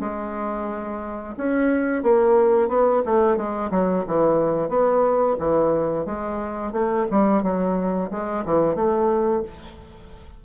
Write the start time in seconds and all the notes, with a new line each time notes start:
0.00 G#3
1.37 C#4
2.03 A#3
2.68 B3
3.05 A3
3.36 G#3
3.70 F#3
4.07 E3
4.69 B3
5.39 E3
6.05 G#3
6.72 A3
7.11 G3
7.43 F#3
8.11 G#3
8.45 E3
8.75 A3